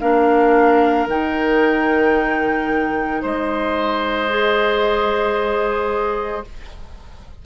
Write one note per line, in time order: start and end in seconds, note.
0.00 1.07 A#3
0.00 1.08 D4
0.00 3.22 A#4
0.00 1.07 F5
1.07 3.21 D#3
1.07 4.29 D#4
1.07 3.23 G5
3.22 6.45 G#3
3.22 6.43 C5
3.22 6.45 D#5
4.29 6.44 G#4